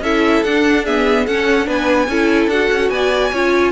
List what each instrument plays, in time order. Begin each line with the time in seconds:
0.00 cello C#4, viola E4, violin A4 E5
0.43 cello D4, viola D4, violin F#5
0.85 viola B3, violin G#4 E5
1.26 viola C#4, cello C#4, violin A4 F#5
1.64 cello B3, viola D4, violin B4 G#5
2.07 cello C#4, viola E4, violin A4
2.47 cello D4, viola F#4, violin F#5
2.71 cello C#4
2.89 cello B3, violin D5 G#5
3.32 cello C#4, viola F4, violin C#5